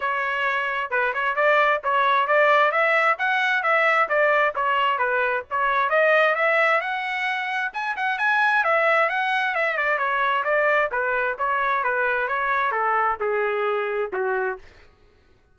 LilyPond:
\new Staff \with { instrumentName = "trumpet" } { \time 4/4 \tempo 4 = 132 cis''2 b'8 cis''8 d''4 | cis''4 d''4 e''4 fis''4 | e''4 d''4 cis''4 b'4 | cis''4 dis''4 e''4 fis''4~ |
fis''4 gis''8 fis''8 gis''4 e''4 | fis''4 e''8 d''8 cis''4 d''4 | b'4 cis''4 b'4 cis''4 | a'4 gis'2 fis'4 | }